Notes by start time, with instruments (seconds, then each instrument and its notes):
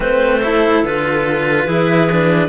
0.00 cello A3 C4, clarinet B4 C5
0.40 cello E4, clarinet A4
0.83 cello D3 F4, clarinet B4
1.66 cello E3 E4, clarinet G#4
2.11 cello D4